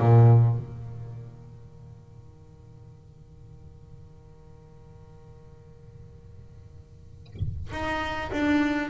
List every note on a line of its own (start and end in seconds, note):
0.00 0.58 A#2
0.58 7.71 D#3
7.72 8.31 D#4
8.32 8.91 D4